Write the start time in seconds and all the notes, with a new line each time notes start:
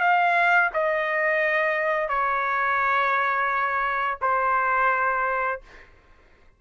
0.00 F5
0.73 D#5
2.09 C#5
4.21 C5